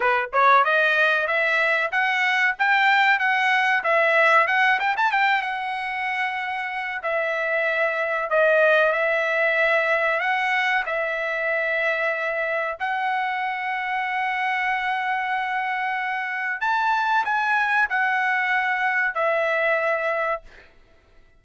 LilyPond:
\new Staff \with { instrumentName = "trumpet" } { \time 4/4 \tempo 4 = 94 b'8 cis''8 dis''4 e''4 fis''4 | g''4 fis''4 e''4 fis''8 g''16 a''16 | g''8 fis''2~ fis''8 e''4~ | e''4 dis''4 e''2 |
fis''4 e''2. | fis''1~ | fis''2 a''4 gis''4 | fis''2 e''2 | }